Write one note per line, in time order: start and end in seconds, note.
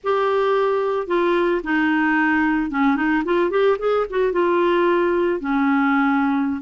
0.03 1.07 G4
1.07 1.61 F4
1.63 2.71 D#4
2.71 2.96 C#4
2.96 3.23 D#4
3.25 3.50 F4
3.50 3.77 G4
3.78 4.05 G#4
4.09 4.32 F#4
4.32 5.40 F4
5.40 6.61 C#4